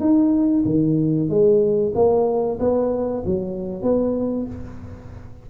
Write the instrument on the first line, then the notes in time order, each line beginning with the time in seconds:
tuba
0.00 D#4
0.66 D#3
1.29 G#3
1.95 A#3
2.60 B3
3.26 F#3
3.83 B3